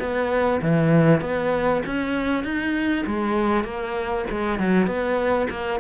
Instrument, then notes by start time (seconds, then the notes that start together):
cello
0.00 B3
0.62 E3
1.21 B3
1.86 C#4
2.45 D#4
3.07 G#3
3.65 A#3
4.31 G#3
4.59 F#3
4.87 B3
5.50 A#3